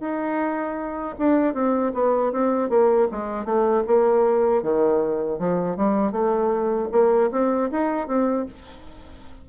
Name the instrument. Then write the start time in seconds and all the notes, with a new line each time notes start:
bassoon
0.00 D#4
1.19 D4
1.54 C4
1.94 B3
2.32 C4
2.69 A#3
3.11 G#3
3.45 A3
3.87 A#3
4.63 D#3
5.39 F3
5.77 G3
6.12 A3
6.92 A#3
7.31 C4
7.71 D#4
8.07 C4